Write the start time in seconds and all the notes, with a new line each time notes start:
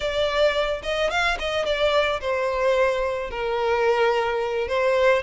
0.00 D5
0.83 D#5
1.10 F5
1.39 D#5
1.65 D5
2.20 C5
3.30 A#4
4.68 C5